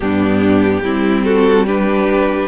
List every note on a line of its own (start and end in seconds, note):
0.00 0.82 G2
0.00 0.83 B3
0.00 0.83 D4
0.00 1.24 G4
0.82 2.47 G3
0.82 1.67 C4
0.82 1.24 E4
1.24 1.66 F#4
1.24 1.66 A4
1.66 2.47 D4
1.66 2.47 G4
1.66 2.47 B4